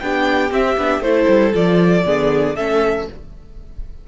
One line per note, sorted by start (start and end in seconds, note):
0.00 0.51 B3
0.00 0.52 D4
0.00 1.06 G4
0.00 0.51 G5
0.51 0.77 C4
0.51 1.02 E5
0.78 1.00 B3
0.78 1.03 D4
1.00 1.26 A3
1.00 1.53 E4
1.00 1.53 C5
1.07 2.06 A4
1.28 1.53 G3
1.53 2.06 F3
1.53 2.04 F4
1.53 2.56 D5
2.05 2.56 D3
2.05 2.56 B3
2.05 2.56 G#4
2.56 3.08 A3
2.56 3.08 C#4
2.56 3.07 A4
2.56 3.07 E5